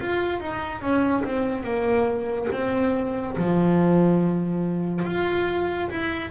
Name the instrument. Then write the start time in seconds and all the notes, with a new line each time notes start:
double bass
0.00 F4
0.40 D#4
0.82 C#4
1.24 C4
1.64 A#3
2.52 C4
3.37 F3
5.06 F4
5.90 E4